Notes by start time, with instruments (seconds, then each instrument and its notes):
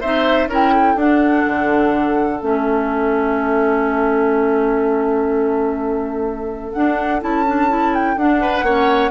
0.00 bassoon C4, clarinet D#4, oboe C5, flute E5
0.47 bassoon C#4, clarinet E4, oboe A#4
0.53 flute G5
0.73 oboe A4
0.95 bassoon D4, clarinet D4, flute F#5
1.47 bassoon D3
2.39 bassoon A3, clarinet C#4, flute E5
6.72 clarinet D4, bassoon D4, flute F#5
7.20 bassoon C#4, clarinet E4, flute A5
7.46 clarinet D4
7.68 clarinet E4
7.94 flute G5
8.16 bassoon D4, clarinet D4, flute F#5
8.41 oboe B4
8.62 bassoon A#3, clarinet C#4, oboe C#5